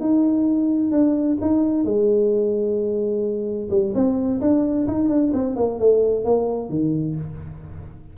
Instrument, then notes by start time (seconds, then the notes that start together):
tuba
0.00 D#4
0.91 D4
1.41 D#4
1.84 G#3
3.70 G3
3.94 C4
4.41 D4
4.87 D#4
5.09 D4
5.33 C4
5.56 A#3
5.79 A3
6.24 A#3
6.69 D#3